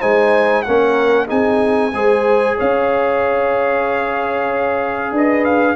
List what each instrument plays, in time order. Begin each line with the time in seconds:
0.00 tuba G#3, trombone D#4, horn C5, trumpet G#5
0.63 tuba A#3, trombone C#4, horn A#4, trumpet F#5
1.28 tuba C4, trombone D#4, horn G#4, trumpet G#5
1.93 tuba G#3, trombone G#4, horn C5
2.57 tuba C#4, horn C#5, trumpet F5
5.12 tuba D4, horn B4, trumpet D#5
5.45 trumpet F5